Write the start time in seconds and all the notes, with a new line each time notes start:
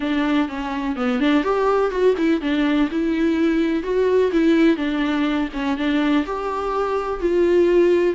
0.00 D4
0.48 C#4
0.96 B3
1.20 D4
1.43 G4
1.90 F#4
2.17 E4
2.41 D4
2.90 E4
3.83 F#4
4.32 E4
4.76 D4
5.53 C#4
5.77 D4
6.26 G4
7.20 F4